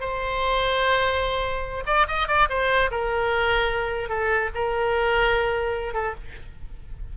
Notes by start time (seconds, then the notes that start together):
0.00 C5
1.86 D5
2.08 D#5
2.27 D5
2.49 C5
2.91 A#4
4.09 A4
4.54 A#4
5.94 A4